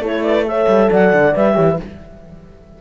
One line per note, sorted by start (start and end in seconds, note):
0.00 0.66 A3
0.00 0.46 E4
0.00 0.24 A4
0.00 0.23 C#5
0.23 0.47 B4
0.23 0.45 D5
0.46 1.34 A4
0.46 0.91 C#5
0.46 0.91 E5
0.68 0.90 G3
0.91 1.13 F#3
0.91 1.55 D5
0.91 1.36 F#5
1.13 1.35 D3
1.35 1.57 G3
1.35 1.55 B4
1.35 1.80 E5
1.55 1.80 E3
1.55 1.77 G4
1.55 1.66 C#5
1.70 1.81 B4